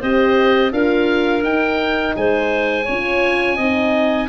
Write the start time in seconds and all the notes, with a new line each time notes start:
0.00 C4 G4 C5 D#5
0.72 D4 F4 A#4 F5
1.43 D#4 G5
2.17 G#3 C5 G#5
2.85 C#4 F4 C#5
3.57 C4 D#4 D#5